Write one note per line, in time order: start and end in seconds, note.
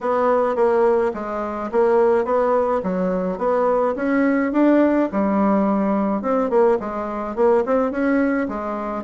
0.00 0.55 B3
0.55 1.12 A#3
1.13 1.70 G#3
1.71 2.24 A#3
2.24 2.81 B3
2.83 3.38 F#3
3.38 3.94 B3
3.95 4.52 C#4
4.52 5.09 D4
5.12 6.22 G3
6.22 6.49 C4
6.49 6.78 A#3
6.79 7.35 G#3
7.35 7.64 A#3
7.65 7.91 C4
7.91 8.47 C#4
8.48 9.03 G#3